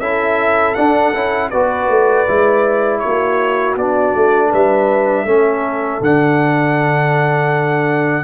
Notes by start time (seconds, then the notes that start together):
0.00 C#4 E4 A4 E5
0.75 D4 F#5
1.14 C#4 E4
1.50 B3 F#4 B4 D5
1.89 A3
2.27 G#3 E4
2.99 F#4 C#5
3.05 A#3
3.76 B3 D4 D5
4.15 A3
4.49 G3 B4 E5
5.25 A3 C#4 A4
6.01 D3 D4 F#5